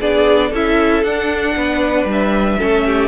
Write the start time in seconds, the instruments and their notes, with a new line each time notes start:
0.00 cello B3, viola D4, violin G#4 D5
0.49 cello C#4, viola E4, violin A4 E5
1.03 cello D4, viola D4, violin F#5
1.56 cello B3, violin B4
2.05 cello G3
2.11 violin E5
2.58 cello A3, viola C#4, violin A4
2.85 violin G4